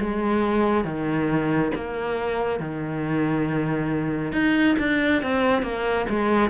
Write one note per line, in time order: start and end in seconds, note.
0.00 0.85 G#3
0.85 1.72 D#3
1.75 2.60 A#3
2.60 4.33 D#3
4.33 4.76 D#4
4.79 5.23 D4
5.23 5.63 C4
5.63 6.06 A#3
6.09 6.51 G#3